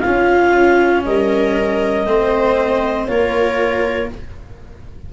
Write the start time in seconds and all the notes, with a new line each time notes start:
0.00 C#4 F4 F5
0.06 C#4
1.05 G3 A#4 D#5
2.05 A3 C4 C5
3.07 A#3 F4 A#4 C#5